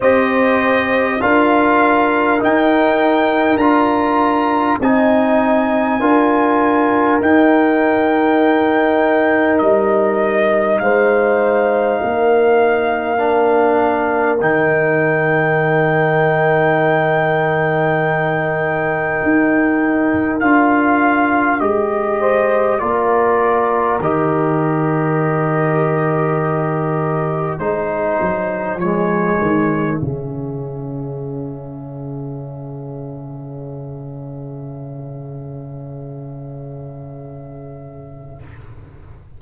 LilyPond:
<<
  \new Staff \with { instrumentName = "trumpet" } { \time 4/4 \tempo 4 = 50 dis''4 f''4 g''4 ais''4 | gis''2 g''2 | dis''4 f''2. | g''1~ |
g''4 f''4 dis''4 d''4 | dis''2. c''4 | cis''4 e''2.~ | e''1 | }
  \new Staff \with { instrumentName = "horn" } { \time 4/4 c''4 ais'2. | dis''4 ais'2.~ | ais'4 c''4 ais'2~ | ais'1~ |
ais'2~ ais'8 c''8 ais'4~ | ais'2. gis'4~ | gis'1~ | gis'1 | }
  \new Staff \with { instrumentName = "trombone" } { \time 4/4 g'4 f'4 dis'4 f'4 | dis'4 f'4 dis'2~ | dis'2. d'4 | dis'1~ |
dis'4 f'4 g'4 f'4 | g'2. dis'4 | gis4 cis'2.~ | cis'1 | }
  \new Staff \with { instrumentName = "tuba" } { \time 4/4 c'4 d'4 dis'4 d'4 | c'4 d'4 dis'2 | g4 gis4 ais2 | dis1 |
dis'4 d'4 gis4 ais4 | dis2. gis8 fis8 | f8 dis8 cis2.~ | cis1 | }
>>